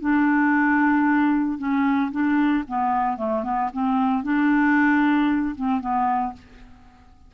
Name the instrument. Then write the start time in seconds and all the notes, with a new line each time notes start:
clarinet
0.00 D4
1.58 C#4
2.11 D4
2.67 B3
3.17 A3
3.43 B3
3.72 C4
4.23 D4
5.55 C4
5.80 B3